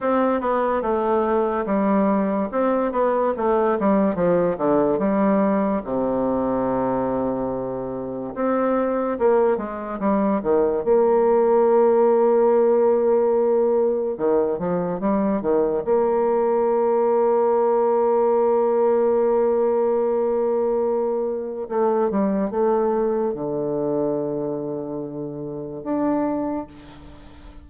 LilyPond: \new Staff \with { instrumentName = "bassoon" } { \time 4/4 \tempo 4 = 72 c'8 b8 a4 g4 c'8 b8 | a8 g8 f8 d8 g4 c4~ | c2 c'4 ais8 gis8 | g8 dis8 ais2.~ |
ais4 dis8 f8 g8 dis8 ais4~ | ais1~ | ais2 a8 g8 a4 | d2. d'4 | }